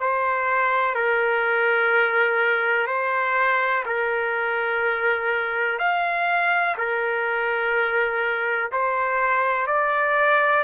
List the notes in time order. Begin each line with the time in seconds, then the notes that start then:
0.00 C5
0.95 A#4
2.87 C5
3.85 A#4
5.78 F5
6.77 A#4
8.72 C5
9.67 D5